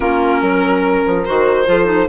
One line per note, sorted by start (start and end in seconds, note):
0.00 0.41 A#3
0.00 1.25 C#4
0.00 0.40 F4
0.00 1.23 A#4
0.40 1.04 F#3
0.40 1.65 A#4
1.05 1.26 F3
1.24 1.66 D#3
1.24 1.65 F#4
1.24 2.08 C5
1.65 2.08 F3
1.65 1.85 F4
1.65 2.08 A4
1.85 2.06 D#4